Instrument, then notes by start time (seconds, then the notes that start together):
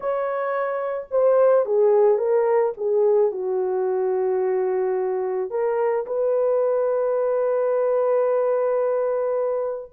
horn
0.00 C#5
1.10 C5
1.65 G#4
2.17 A#4
2.77 G#4
3.31 F#4
5.50 A#4
6.06 B4